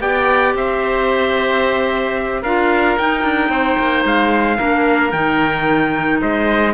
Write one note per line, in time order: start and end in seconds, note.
0.00 0.54 B3
0.00 2.44 G4
0.00 0.55 D5
0.00 0.55 G5
0.54 2.43 C4
0.54 2.42 C5
0.54 2.43 E5
2.42 2.98 D4
2.42 2.99 F4
2.42 3.50 A#4
2.42 2.97 F5
2.98 3.23 D#4
2.98 4.58 D#4
2.98 4.06 G5
3.23 3.49 D4
3.49 3.76 C4
3.49 4.58 C5
3.78 4.04 A#3
4.04 4.58 G#3
4.04 5.12 F5
4.58 5.12 A#3
4.58 5.12 D4
4.58 6.20 A#4
5.12 6.20 D#3
5.12 6.73 D#4
5.12 6.20 G5
6.21 6.73 G#3
6.21 6.73 C5
6.21 6.73 D#5